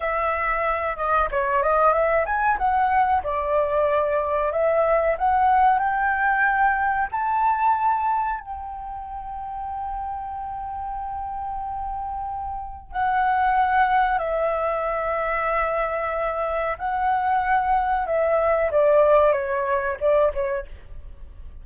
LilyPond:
\new Staff \with { instrumentName = "flute" } { \time 4/4 \tempo 4 = 93 e''4. dis''8 cis''8 dis''8 e''8 gis''8 | fis''4 d''2 e''4 | fis''4 g''2 a''4~ | a''4 g''2.~ |
g''1 | fis''2 e''2~ | e''2 fis''2 | e''4 d''4 cis''4 d''8 cis''8 | }